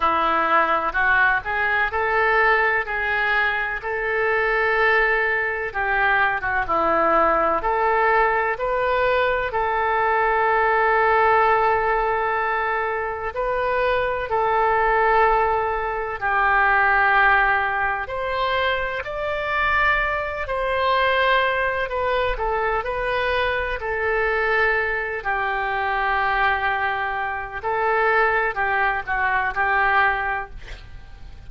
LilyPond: \new Staff \with { instrumentName = "oboe" } { \time 4/4 \tempo 4 = 63 e'4 fis'8 gis'8 a'4 gis'4 | a'2 g'8. fis'16 e'4 | a'4 b'4 a'2~ | a'2 b'4 a'4~ |
a'4 g'2 c''4 | d''4. c''4. b'8 a'8 | b'4 a'4. g'4.~ | g'4 a'4 g'8 fis'8 g'4 | }